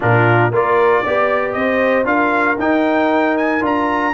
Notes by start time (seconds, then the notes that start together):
0.00 A#2 D4 F4 A#4
0.50 A#3 F4 A#4 D5
1.02 B3 G4 D5
1.52 C4 C5 D#5
2.04 D4 F4 A#4 F5
2.58 D#4 G5
3.37 G#5
3.60 D4 F4 A#5